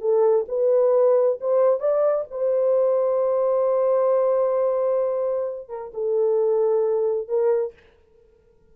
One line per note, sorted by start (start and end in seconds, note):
0.00 0.45 A4
0.48 1.39 B4
1.40 1.79 C5
1.79 2.25 D5
2.30 5.68 C5
5.68 5.91 A#4
5.93 7.28 A4
7.28 7.73 A#4